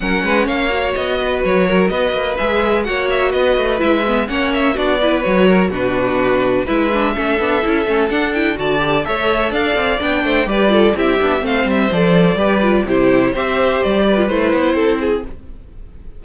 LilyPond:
<<
  \new Staff \with { instrumentName = "violin" } { \time 4/4 \tempo 4 = 126 fis''4 f''4 dis''4 cis''4 | dis''4 e''4 fis''8 e''8 dis''4 | e''4 fis''8 e''8 d''4 cis''4 | b'2 e''2~ |
e''4 fis''8 g''8 a''4 e''4 | f''4 g''4 d''4 e''4 | f''8 e''8 d''2 c''4 | e''4 d''4 c''2 | }
  \new Staff \with { instrumentName = "violin" } { \time 4/4 ais'8 b'8 cis''4. b'4 ais'8 | b'2 cis''4 b'4~ | b'4 cis''4 fis'8 b'4 ais'8 | fis'2 b'4 a'4~ |
a'2 d''4 cis''4 | d''4. c''8 b'8 a'8 g'4 | c''2 b'4 g'4 | c''4. b'4. a'8 gis'8 | }
  \new Staff \with { instrumentName = "viola" } { \time 4/4 cis'4. fis'2~ fis'8~ | fis'4 gis'4 fis'2 | e'8 b8 cis'4 d'8 e'8 fis'4 | d'2 e'8 d'8 cis'8 d'8 |
e'8 cis'8 d'8 e'8 fis'8 g'8 a'4~ | a'4 d'4 g'8 f'8 e'8 d'8 | c'4 a'4 g'8 f'8 e'4 | g'4.~ g'16 f'16 e'2 | }
  \new Staff \with { instrumentName = "cello" } { \time 4/4 fis8 gis8 ais4 b4 fis4 | b8 ais8 gis4 ais4 b8 a8 | gis4 ais4 b4 fis4 | b,2 gis4 a8 b8 |
cis'8 a8 d'4 d4 a4 | d'8 c'8 b8 a8 g4 c'8 b8 | a8 g8 f4 g4 c4 | c'4 g4 a8 b8 c'4 | }
>>